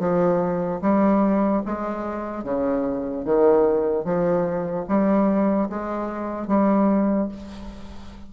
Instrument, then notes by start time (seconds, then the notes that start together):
bassoon
0.00 F3
0.82 G3
1.66 G#3
2.44 C#3
3.25 D#3
4.05 F3
4.89 G3
5.70 G#3
6.48 G3